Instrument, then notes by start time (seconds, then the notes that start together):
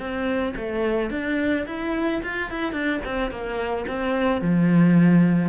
cello
0.00 C4
0.57 A3
1.11 D4
1.67 E4
2.23 F4
2.51 E4
2.73 D4
3.05 C4
3.31 A#3
3.88 C4
4.42 F3